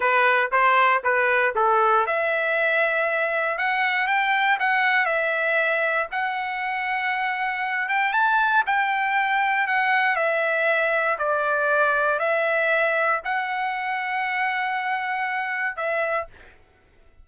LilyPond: \new Staff \with { instrumentName = "trumpet" } { \time 4/4 \tempo 4 = 118 b'4 c''4 b'4 a'4 | e''2. fis''4 | g''4 fis''4 e''2 | fis''2.~ fis''8 g''8 |
a''4 g''2 fis''4 | e''2 d''2 | e''2 fis''2~ | fis''2. e''4 | }